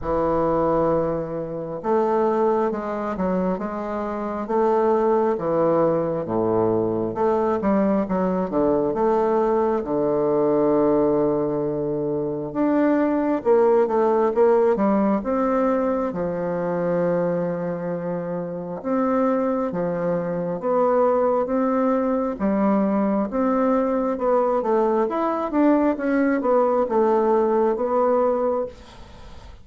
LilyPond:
\new Staff \with { instrumentName = "bassoon" } { \time 4/4 \tempo 4 = 67 e2 a4 gis8 fis8 | gis4 a4 e4 a,4 | a8 g8 fis8 d8 a4 d4~ | d2 d'4 ais8 a8 |
ais8 g8 c'4 f2~ | f4 c'4 f4 b4 | c'4 g4 c'4 b8 a8 | e'8 d'8 cis'8 b8 a4 b4 | }